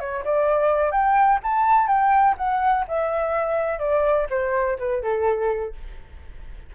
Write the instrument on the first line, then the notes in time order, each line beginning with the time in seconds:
flute
0.00 C#5
0.25 D5
0.92 G5
1.44 A5
1.88 G5
2.38 F#5
2.88 E5
3.79 D5
4.30 C5
4.79 B4
5.03 A4